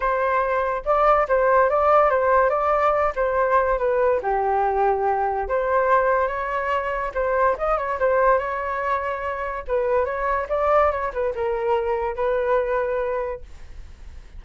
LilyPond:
\new Staff \with { instrumentName = "flute" } { \time 4/4 \tempo 4 = 143 c''2 d''4 c''4 | d''4 c''4 d''4. c''8~ | c''4 b'4 g'2~ | g'4 c''2 cis''4~ |
cis''4 c''4 dis''8 cis''8 c''4 | cis''2. b'4 | cis''4 d''4 cis''8 b'8 ais'4~ | ais'4 b'2. | }